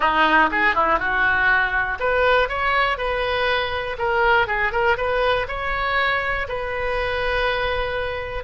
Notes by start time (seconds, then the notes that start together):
0.00 D#4
0.51 G#4
0.74 E4
0.99 F#4
1.99 B4
2.48 C#5
2.97 B4
3.98 A#4
4.47 G#4
4.72 A#4
4.97 B4
5.47 C#5
6.48 B4